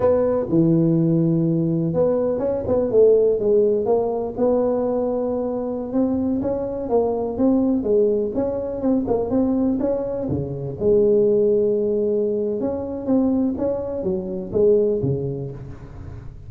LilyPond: \new Staff \with { instrumentName = "tuba" } { \time 4/4 \tempo 4 = 124 b4 e2. | b4 cis'8 b8 a4 gis4 | ais4 b2.~ | b16 c'4 cis'4 ais4 c'8.~ |
c'16 gis4 cis'4 c'8 ais8 c'8.~ | c'16 cis'4 cis4 gis4.~ gis16~ | gis2 cis'4 c'4 | cis'4 fis4 gis4 cis4 | }